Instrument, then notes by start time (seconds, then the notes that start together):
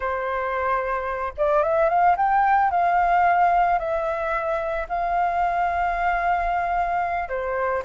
flute
0.00 C5
1.37 D5
1.62 E5
1.89 F5
2.16 G5
2.70 F5
3.78 E5
4.88 F5
7.29 C5